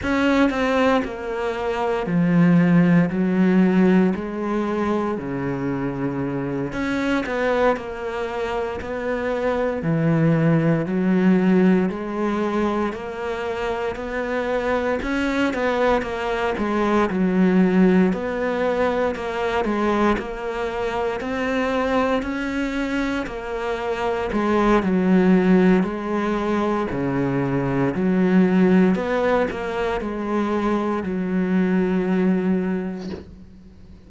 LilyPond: \new Staff \with { instrumentName = "cello" } { \time 4/4 \tempo 4 = 58 cis'8 c'8 ais4 f4 fis4 | gis4 cis4. cis'8 b8 ais8~ | ais8 b4 e4 fis4 gis8~ | gis8 ais4 b4 cis'8 b8 ais8 |
gis8 fis4 b4 ais8 gis8 ais8~ | ais8 c'4 cis'4 ais4 gis8 | fis4 gis4 cis4 fis4 | b8 ais8 gis4 fis2 | }